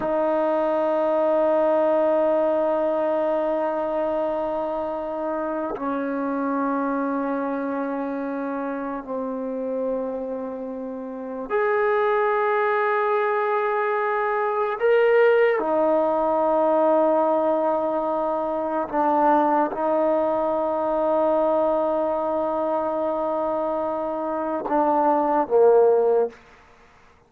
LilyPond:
\new Staff \with { instrumentName = "trombone" } { \time 4/4 \tempo 4 = 73 dis'1~ | dis'2. cis'4~ | cis'2. c'4~ | c'2 gis'2~ |
gis'2 ais'4 dis'4~ | dis'2. d'4 | dis'1~ | dis'2 d'4 ais4 | }